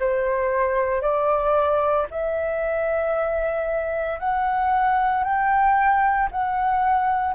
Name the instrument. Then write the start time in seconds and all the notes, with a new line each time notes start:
flute
0.00 C5
1.01 D5
2.11 E5
4.19 F#5
5.24 G5
6.31 F#5